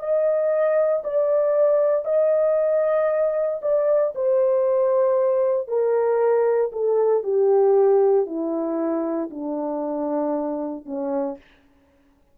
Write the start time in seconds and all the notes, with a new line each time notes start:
0.00 D#5
1.04 D5
2.05 D#5
3.62 D5
4.15 C5
5.68 A#4
6.72 A4
7.24 G4
8.27 E4
9.31 D4
10.86 C#4